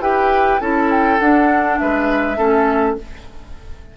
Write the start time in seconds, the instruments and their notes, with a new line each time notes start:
0.00 bassoon E4, clarinet G4, oboe B4, flute G5
0.61 bassoon C#4, clarinet E4, oboe A4, flute A5
0.91 flute G5
1.20 bassoon D4, clarinet D4, flute F#5
1.79 bassoon G#3, oboe B4, flute E5
2.37 bassoon A3, clarinet C#4, oboe A4